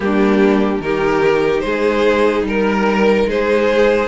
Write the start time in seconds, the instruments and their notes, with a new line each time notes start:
0.00 cello G3, viola A#3, violin D4 G4
0.79 cello D#3, viola D#4, violin G4 A#4
1.60 cello G#3, violin G#4 C5
2.42 cello G3, violin A#4
2.48 violin A#4
3.26 cello G#3, violin G#4 C5